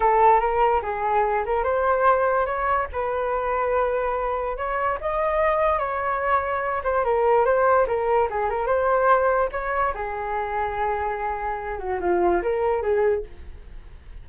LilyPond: \new Staff \with { instrumentName = "flute" } { \time 4/4 \tempo 4 = 145 a'4 ais'4 gis'4. ais'8 | c''2 cis''4 b'4~ | b'2. cis''4 | dis''2 cis''2~ |
cis''8 c''8 ais'4 c''4 ais'4 | gis'8 ais'8 c''2 cis''4 | gis'1~ | gis'8 fis'8 f'4 ais'4 gis'4 | }